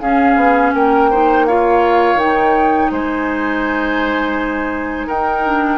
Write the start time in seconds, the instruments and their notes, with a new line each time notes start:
0.00 bassoon C#4, clarinet C#4, oboe G#4, flute F5
0.36 bassoon B3
0.73 bassoon A#3, oboe A#4, flute G5
1.10 clarinet D#4, oboe C5
1.46 clarinet F4, oboe C#5, flute F5
2.15 bassoon D#3, clarinet D#4, flute G5
2.91 bassoon G#3, oboe C5, flute G#5
5.06 bassoon D#4, oboe A#4, flute G5
5.44 clarinet D4